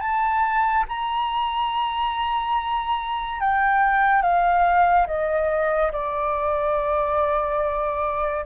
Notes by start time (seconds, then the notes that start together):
0.00 A5
0.88 A#5
3.40 G5
4.22 F5
5.07 D#5
5.92 D5